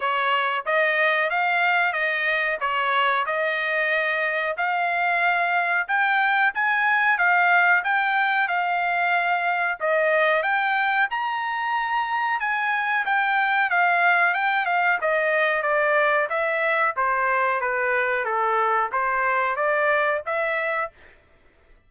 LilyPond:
\new Staff \with { instrumentName = "trumpet" } { \time 4/4 \tempo 4 = 92 cis''4 dis''4 f''4 dis''4 | cis''4 dis''2 f''4~ | f''4 g''4 gis''4 f''4 | g''4 f''2 dis''4 |
g''4 ais''2 gis''4 | g''4 f''4 g''8 f''8 dis''4 | d''4 e''4 c''4 b'4 | a'4 c''4 d''4 e''4 | }